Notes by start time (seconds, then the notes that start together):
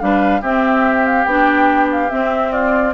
0.00 G3 D4 B4 F5
0.42 C4 G4 E5
1.07 F5
1.25 B3 D4 G5
1.92 F5
2.10 C4 E5
2.52 F4 D5